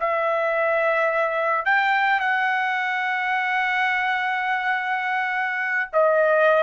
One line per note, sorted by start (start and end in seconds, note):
0.00 1.65 E5
1.65 2.20 G5
2.20 5.90 F#5
5.93 6.63 D#5